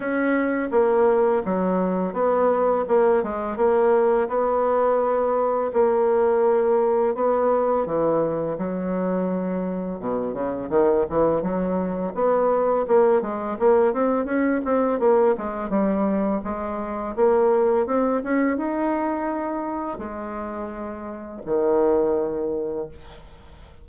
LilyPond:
\new Staff \with { instrumentName = "bassoon" } { \time 4/4 \tempo 4 = 84 cis'4 ais4 fis4 b4 | ais8 gis8 ais4 b2 | ais2 b4 e4 | fis2 b,8 cis8 dis8 e8 |
fis4 b4 ais8 gis8 ais8 c'8 | cis'8 c'8 ais8 gis8 g4 gis4 | ais4 c'8 cis'8 dis'2 | gis2 dis2 | }